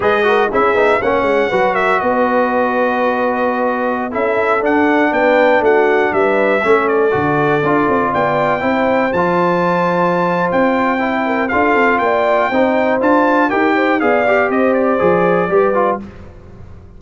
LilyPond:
<<
  \new Staff \with { instrumentName = "trumpet" } { \time 4/4 \tempo 4 = 120 dis''4 e''4 fis''4. e''8 | dis''1~ | dis''16 e''4 fis''4 g''4 fis''8.~ | fis''16 e''4. d''2~ d''16~ |
d''16 g''2 a''4.~ a''16~ | a''4 g''2 f''4 | g''2 a''4 g''4 | f''4 dis''8 d''2~ d''8 | }
  \new Staff \with { instrumentName = "horn" } { \time 4/4 b'8 ais'8 gis'4 cis''4 b'8 ais'8 | b'1~ | b'16 a'2 b'4 fis'8.~ | fis'16 b'4 a'2~ a'8.~ |
a'16 d''4 c''2~ c''8.~ | c''2~ c''8 ais'8 a'4 | d''4 c''2 ais'8 c''8 | d''4 c''2 b'4 | }
  \new Staff \with { instrumentName = "trombone" } { \time 4/4 gis'8 fis'8 e'8 dis'8 cis'4 fis'4~ | fis'1~ | fis'16 e'4 d'2~ d'8.~ | d'4~ d'16 cis'4 fis'4 f'8.~ |
f'4~ f'16 e'4 f'4.~ f'16~ | f'2 e'4 f'4~ | f'4 dis'4 f'4 g'4 | gis'8 g'4. gis'4 g'8 f'8 | }
  \new Staff \with { instrumentName = "tuba" } { \time 4/4 gis4 cis'8 b8 ais8 gis8 fis4 | b1~ | b16 cis'4 d'4 b4 a8.~ | a16 g4 a4 d4 d'8 c'16~ |
c'16 b4 c'4 f4.~ f16~ | f4 c'2 d'8 c'8 | ais4 c'4 d'4 dis'4 | b4 c'4 f4 g4 | }
>>